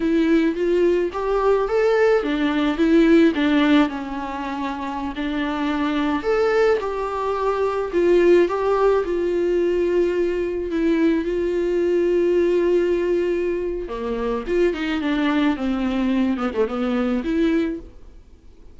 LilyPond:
\new Staff \with { instrumentName = "viola" } { \time 4/4 \tempo 4 = 108 e'4 f'4 g'4 a'4 | d'4 e'4 d'4 cis'4~ | cis'4~ cis'16 d'2 a'8.~ | a'16 g'2 f'4 g'8.~ |
g'16 f'2. e'8.~ | e'16 f'2.~ f'8.~ | f'4 ais4 f'8 dis'8 d'4 | c'4. b16 a16 b4 e'4 | }